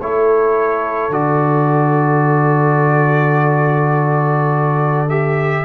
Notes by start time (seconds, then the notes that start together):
0.00 A3 E4 A4 C#5
1.09 D3 F#4 D5
5.09 G4 E5